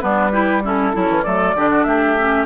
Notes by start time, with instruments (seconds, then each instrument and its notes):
0.00 bassoon G3, clarinet B3, oboe D4, flute B4
0.32 clarinet E4, oboe G4
0.63 clarinet C#4, oboe E4, flute A4
0.93 bassoon F#3, oboe C#4, clarinet E4
1.09 bassoon E3
1.23 bassoon F#3, clarinet A3, oboe A4, flute D5
1.54 bassoon D3, clarinet D4, oboe G4
1.70 oboe F#4
1.84 bassoon A3, oboe G4, flute E5
2.18 clarinet C#4